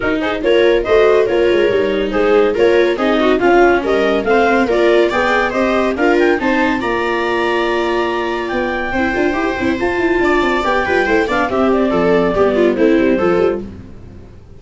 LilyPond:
<<
  \new Staff \with { instrumentName = "clarinet" } { \time 4/4 \tempo 4 = 141 ais'8 c''8 cis''4 dis''4 cis''4~ | cis''4 c''4 cis''4 dis''4 | f''4 dis''4 f''4 d''4 | g''4 dis''4 f''8 g''8 a''4 |
ais''1 | g''2. a''4~ | a''4 g''4. f''8 e''8 d''8~ | d''2 c''2 | }
  \new Staff \with { instrumentName = "viola" } { \time 4/4 fis'8 gis'8 ais'4 c''4 ais'4~ | ais'4 gis'4 ais'4 gis'8 fis'8 | f'4 ais'4 c''4 ais'4 | d''4 c''4 ais'4 c''4 |
d''1~ | d''4 c''2. | d''4. b'8 c''8 d''8 g'4 | a'4 g'8 f'8 e'4 a'4 | }
  \new Staff \with { instrumentName = "viola" } { \time 4/4 dis'4 f'4 fis'4 f'4 | dis'2 f'4 dis'4 | cis'2 c'4 f'4 | gis'4 g'4 f'4 dis'4 |
f'1~ | f'4 e'8 f'8 g'8 e'8 f'4~ | f'4 g'8 f'8 e'8 d'8 c'4~ | c'4 b4 c'4 f'4 | }
  \new Staff \with { instrumentName = "tuba" } { \time 4/4 dis'4 ais4 a4 ais8 gis8 | g4 gis4 ais4 c'4 | cis'4 g4 a4 ais4 | b4 c'4 d'4 c'4 |
ais1 | b4 c'8 d'8 e'8 c'8 f'8 e'8 | d'8 c'8 b8 g8 a8 b8 c'4 | f4 g4 a8 g8 f8 g8 | }
>>